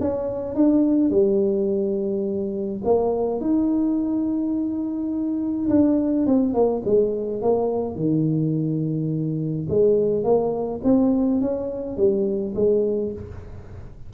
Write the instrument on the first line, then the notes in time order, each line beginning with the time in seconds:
tuba
0.00 C#4
0.55 D4
1.10 G3
2.84 A#3
3.40 D#4
5.69 D4
6.26 C4
6.54 A#3
6.85 G#3
7.41 A#3
7.95 D#3
9.69 G#3
10.23 A#3
10.83 C4
11.41 C#4
11.97 G3
12.55 G#3